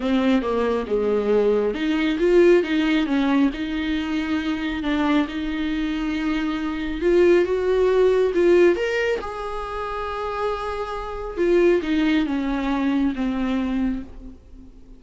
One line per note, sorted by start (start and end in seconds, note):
0.00 0.42 C4
0.42 0.86 A#3
0.87 1.74 G#3
1.74 2.18 D#4
2.19 2.63 F4
2.63 3.06 D#4
3.06 3.50 C#4
3.53 4.83 D#4
4.83 5.26 D4
5.28 7.01 D#4
7.01 7.45 F4
7.45 8.32 F#4
8.34 8.76 F4
8.76 9.19 A#4
9.20 11.37 G#4
11.37 11.81 F4
11.82 12.25 D#4
12.25 13.13 C#4
13.15 14.02 C4